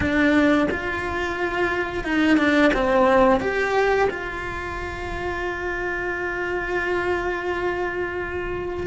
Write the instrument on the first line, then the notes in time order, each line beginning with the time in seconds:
cello
0.00 D4
0.70 F4
2.04 D#4
2.37 D4
2.73 C4
3.40 G4
4.09 F4